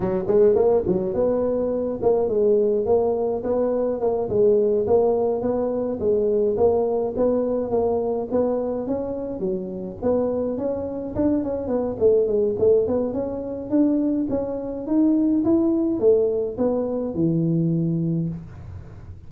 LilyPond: \new Staff \with { instrumentName = "tuba" } { \time 4/4 \tempo 4 = 105 fis8 gis8 ais8 fis8 b4. ais8 | gis4 ais4 b4 ais8 gis8~ | gis8 ais4 b4 gis4 ais8~ | ais8 b4 ais4 b4 cis'8~ |
cis'8 fis4 b4 cis'4 d'8 | cis'8 b8 a8 gis8 a8 b8 cis'4 | d'4 cis'4 dis'4 e'4 | a4 b4 e2 | }